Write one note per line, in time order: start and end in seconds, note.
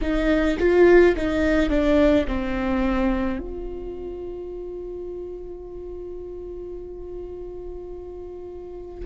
0.01 0.57 D#4
0.59 1.15 F4
1.16 1.69 D#4
1.69 2.26 D4
2.26 3.39 C4
3.39 9.05 F4